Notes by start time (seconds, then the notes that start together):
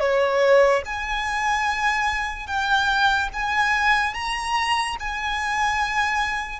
0.00 C#5
0.85 G#5
2.47 G5
3.33 G#5
4.14 A#5
5.00 G#5